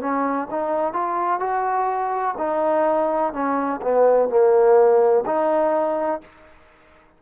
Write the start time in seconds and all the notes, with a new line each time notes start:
0.00 C#4
0.50 D#4
0.93 F4
1.39 F#4
2.37 D#4
3.32 C#4
3.81 B3
4.29 A#3
5.26 D#4